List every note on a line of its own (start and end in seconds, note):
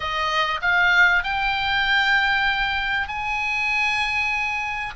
0.00 0.60 D#5
0.61 1.23 F5
1.23 3.08 G5
3.08 4.93 G#5